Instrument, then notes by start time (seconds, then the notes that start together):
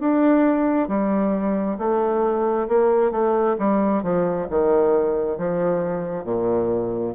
bassoon
0.00 D4
0.89 G3
1.78 A3
2.68 A#3
3.12 A3
3.59 G3
4.03 F3
4.50 D#3
5.38 F3
6.24 A#2